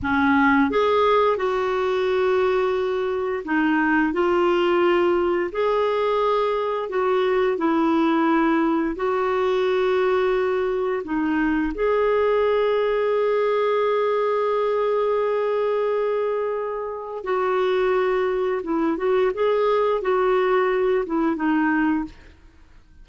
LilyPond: \new Staff \with { instrumentName = "clarinet" } { \time 4/4 \tempo 4 = 87 cis'4 gis'4 fis'2~ | fis'4 dis'4 f'2 | gis'2 fis'4 e'4~ | e'4 fis'2. |
dis'4 gis'2.~ | gis'1~ | gis'4 fis'2 e'8 fis'8 | gis'4 fis'4. e'8 dis'4 | }